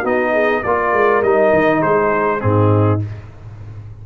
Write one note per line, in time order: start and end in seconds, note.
0.00 0.64 B3
0.00 0.64 D#4
0.00 0.30 F#4
0.06 0.64 D#5
0.33 0.62 G#4
0.64 0.93 A#3
0.64 1.24 F4
0.64 1.80 A#4
0.64 1.23 D5
0.93 1.23 G#3
1.23 1.52 G3
1.23 2.40 D#4
1.23 1.82 D#5
1.53 1.83 D#3
1.80 2.43 G#3
1.80 2.40 G#4
1.80 2.41 C5
2.40 3.03 G#2
2.40 3.00 C4
2.40 3.00 G#4
2.47 3.06 D#4